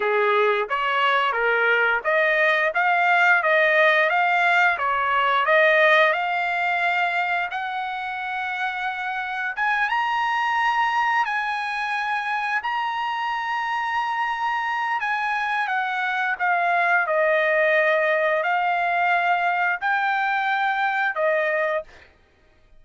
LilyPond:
\new Staff \with { instrumentName = "trumpet" } { \time 4/4 \tempo 4 = 88 gis'4 cis''4 ais'4 dis''4 | f''4 dis''4 f''4 cis''4 | dis''4 f''2 fis''4~ | fis''2 gis''8 ais''4.~ |
ais''8 gis''2 ais''4.~ | ais''2 gis''4 fis''4 | f''4 dis''2 f''4~ | f''4 g''2 dis''4 | }